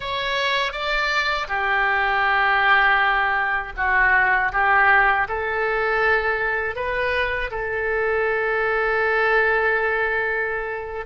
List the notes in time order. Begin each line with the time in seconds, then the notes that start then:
0.00 C#5
0.72 D5
1.48 G4
3.76 F#4
4.52 G4
5.28 A4
6.75 B4
7.50 A4